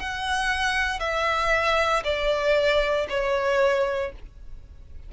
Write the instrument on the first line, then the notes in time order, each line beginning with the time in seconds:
violin
0.00 F#5
1.00 E5
2.04 D5
3.09 C#5